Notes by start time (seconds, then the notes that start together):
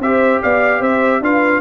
0.00 C4 G4 C5 E5
0.43 B3 D5 F5
0.81 C4 C5 E5
1.21 D4 F4 B4 F5